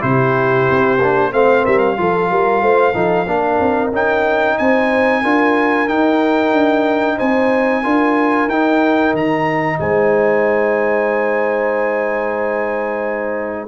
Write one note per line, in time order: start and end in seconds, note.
0.00 0.68 C3
0.00 0.98 E4
0.00 1.32 G4
0.00 1.32 C5
0.70 1.00 C4
1.00 1.33 A#3
1.00 1.32 D4
1.32 1.65 A3
1.32 1.97 C4
1.32 1.63 C5
1.32 1.65 F5
1.63 1.98 G3
1.63 1.96 A#4
1.63 1.78 E5
1.78 3.90 F5
1.97 2.30 F3
1.97 2.93 F4
1.97 2.30 A4
2.30 2.62 G3
2.30 2.62 A#4
2.62 2.94 A3
2.62 2.94 C5
2.93 3.27 F3
2.93 3.26 D#4
2.93 3.26 A4
3.27 3.59 A#3
3.27 3.92 D4
3.27 4.57 A#4
3.60 3.92 C4
3.92 4.57 C#4
3.92 5.24 D#4
3.92 4.58 G5
4.58 5.24 C4
4.58 5.22 C5
4.58 5.88 G#5
5.22 5.89 D4
5.22 5.88 F4
5.22 7.16 A#4
5.88 7.83 D#4
5.88 6.52 D#4
5.88 7.18 G5
6.52 7.17 D4
7.16 7.85 C4
7.16 7.81 C5
7.16 8.49 G#5
7.83 8.48 D4
7.83 8.49 F4
7.83 9.79 A#4
8.48 9.13 D#4
8.48 13.68 D#4
8.48 9.14 G5
9.13 9.79 D#3
9.13 9.79 A#5
9.79 13.68 G#3
9.79 13.68 C5
9.79 13.68 G#5